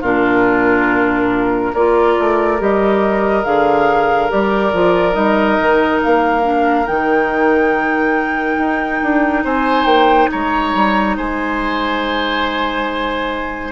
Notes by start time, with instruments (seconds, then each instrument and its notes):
0.00 bassoon A#2, clarinet D4, oboe F4, flute A#4
1.73 bassoon A#3, clarinet F4, oboe A#4, flute D5
2.19 bassoon A3
2.58 bassoon G3, clarinet G4, flute D#5
3.43 bassoon D3, clarinet G#4, flute F5
4.29 bassoon G3, clarinet G4, flute D5
4.73 bassoon F3, clarinet F4
5.12 bassoon G3, clarinet D#4, flute D#5
5.59 bassoon D#3
6.02 bassoon A#3, flute F5
6.42 clarinet D4
6.86 bassoon D#3, clarinet D#4, flute G5
8.58 bassoon D#4
9.02 bassoon D4
9.44 bassoon C4, oboe C5, flute G#5
9.85 bassoon A#3, flute G5
10.31 bassoon G#3, oboe C#5, flute A#5
10.74 bassoon G3
11.17 bassoon G#3, oboe C5, flute G#5